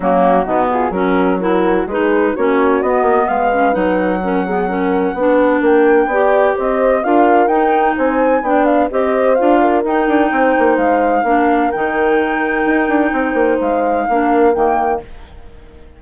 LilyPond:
<<
  \new Staff \with { instrumentName = "flute" } { \time 4/4 \tempo 4 = 128 fis'4. gis'8 ais'4 fis'4 | b'4 cis''4 dis''4 f''4 | fis''1 | g''2 dis''4 f''4 |
g''4 gis''4 g''8 f''8 dis''4 | f''4 g''2 f''4~ | f''4 g''2.~ | g''4 f''2 g''4 | }
  \new Staff \with { instrumentName = "horn" } { \time 4/4 cis'4 dis'8 f'8 fis'4 ais'4 | gis'4 fis'2 b'4~ | b'4 ais'8 gis'8 ais'4 b'4 | ais'4 d''4 c''4 ais'4~ |
ais'4 c''4 d''4 c''4~ | c''8 ais'4. c''2 | ais'1 | c''2 ais'2 | }
  \new Staff \with { instrumentName = "clarinet" } { \time 4/4 ais4 b4 cis'4 e'4 | dis'4 cis'4 b4. cis'8 | dis'4 cis'8 b8 cis'4 d'4~ | d'4 g'2 f'4 |
dis'2 d'4 g'4 | f'4 dis'2. | d'4 dis'2.~ | dis'2 d'4 ais4 | }
  \new Staff \with { instrumentName = "bassoon" } { \time 4/4 fis4 b,4 fis2 | gis4 ais4 b8 ais8 gis4 | fis2. b4 | ais4 b4 c'4 d'4 |
dis'4 c'4 b4 c'4 | d'4 dis'8 d'8 c'8 ais8 gis4 | ais4 dis2 dis'8 d'8 | c'8 ais8 gis4 ais4 dis4 | }
>>